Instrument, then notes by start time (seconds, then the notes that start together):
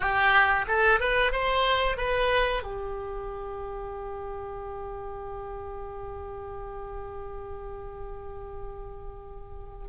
oboe
0.00 G4
0.67 A4
1.00 B4
1.32 C5
1.97 B4
2.63 G4